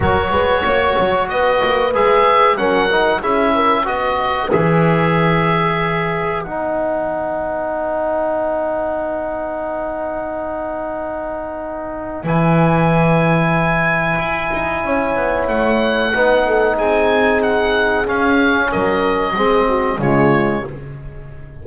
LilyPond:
<<
  \new Staff \with { instrumentName = "oboe" } { \time 4/4 \tempo 4 = 93 cis''2 dis''4 e''4 | fis''4 e''4 dis''4 e''4~ | e''2 fis''2~ | fis''1~ |
fis''2. gis''4~ | gis''1 | fis''2 gis''4 fis''4 | f''4 dis''2 cis''4 | }
  \new Staff \with { instrumentName = "horn" } { \time 4/4 ais'8 b'8 cis''4 b'2 | ais'4 gis'8 ais'8 b'2~ | b'1~ | b'1~ |
b'1~ | b'2. cis''4~ | cis''4 b'8 a'8 gis'2~ | gis'4 ais'4 gis'8 fis'8 f'4 | }
  \new Staff \with { instrumentName = "trombone" } { \time 4/4 fis'2. gis'4 | cis'8 dis'8 e'4 fis'4 gis'4~ | gis'2 dis'2~ | dis'1~ |
dis'2. e'4~ | e'1~ | e'4 dis'2. | cis'2 c'4 gis4 | }
  \new Staff \with { instrumentName = "double bass" } { \time 4/4 fis8 gis8 ais8 fis8 b8 ais8 gis4 | fis4 cis'4 b4 e4~ | e2 b2~ | b1~ |
b2. e4~ | e2 e'8 dis'8 cis'8 b8 | a4 b4 c'2 | cis'4 fis4 gis4 cis4 | }
>>